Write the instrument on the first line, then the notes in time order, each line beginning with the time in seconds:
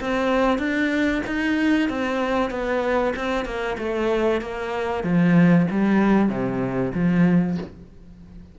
cello
0.00 C4
0.58 D4
1.26 D#4
1.89 C4
2.50 B3
3.16 C4
3.45 A#3
3.78 A3
4.41 A#3
5.04 F3
5.71 G3
6.28 C3
6.94 F3